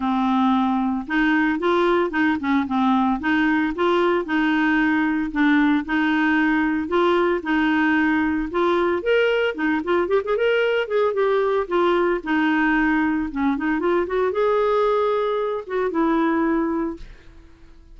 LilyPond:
\new Staff \with { instrumentName = "clarinet" } { \time 4/4 \tempo 4 = 113 c'2 dis'4 f'4 | dis'8 cis'8 c'4 dis'4 f'4 | dis'2 d'4 dis'4~ | dis'4 f'4 dis'2 |
f'4 ais'4 dis'8 f'8 g'16 gis'16 ais'8~ | ais'8 gis'8 g'4 f'4 dis'4~ | dis'4 cis'8 dis'8 f'8 fis'8 gis'4~ | gis'4. fis'8 e'2 | }